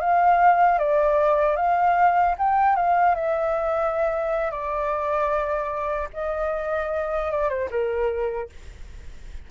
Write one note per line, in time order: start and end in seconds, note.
0.00 0.79 F5
0.79 1.56 D5
1.56 2.35 F5
2.38 2.76 G5
2.76 3.15 F5
3.15 4.51 E5
4.51 6.09 D5
6.13 7.31 D#5
7.31 7.49 D5
7.49 7.69 C5
7.70 8.49 A#4